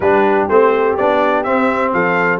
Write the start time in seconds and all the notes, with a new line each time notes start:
0.00 G3 D4 G4 B4
0.48 A3 C4 C5
0.96 B3 D4 D5
1.43 C4 E5
1.93 F3 A4 F5